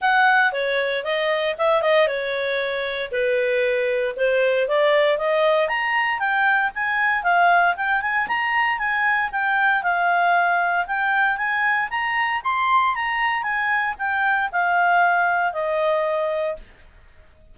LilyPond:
\new Staff \with { instrumentName = "clarinet" } { \time 4/4 \tempo 4 = 116 fis''4 cis''4 dis''4 e''8 dis''8 | cis''2 b'2 | c''4 d''4 dis''4 ais''4 | g''4 gis''4 f''4 g''8 gis''8 |
ais''4 gis''4 g''4 f''4~ | f''4 g''4 gis''4 ais''4 | c'''4 ais''4 gis''4 g''4 | f''2 dis''2 | }